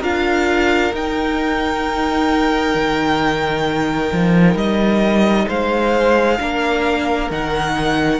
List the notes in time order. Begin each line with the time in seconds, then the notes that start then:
0.00 D4 F4 A#4 F5
0.94 D#4 G5
2.75 D#3
4.12 F3
4.55 G3 D#5
5.48 G#3 C5 F5
6.39 A#3 D4 A#4
7.31 D#3 D#4 F#5